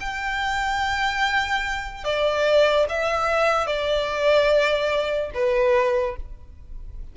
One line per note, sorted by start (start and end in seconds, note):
0.00 2.04 G5
2.04 2.86 D5
2.88 3.67 E5
3.67 5.31 D5
5.34 6.16 B4